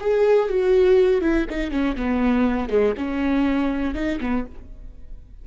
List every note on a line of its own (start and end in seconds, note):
0.00 0.49 G#4
0.49 1.21 F#4
1.21 1.46 E4
1.50 1.71 D#4
1.71 1.96 C#4
1.96 2.69 B3
2.69 2.94 G#3
2.97 3.94 C#4
3.94 4.19 D#4
4.20 4.45 B3